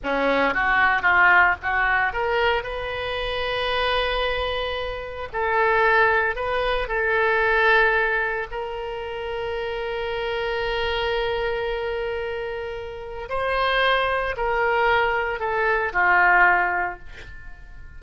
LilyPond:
\new Staff \with { instrumentName = "oboe" } { \time 4/4 \tempo 4 = 113 cis'4 fis'4 f'4 fis'4 | ais'4 b'2.~ | b'2 a'2 | b'4 a'2. |
ais'1~ | ais'1~ | ais'4 c''2 ais'4~ | ais'4 a'4 f'2 | }